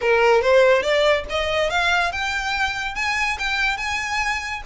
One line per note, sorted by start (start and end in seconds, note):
0.01 0.41 A#4
0.41 0.82 C5
0.82 1.24 D5
1.29 1.70 D#5
1.70 2.11 F5
2.11 2.95 G5
2.95 3.37 G#5
3.38 3.77 G5
3.77 4.62 G#5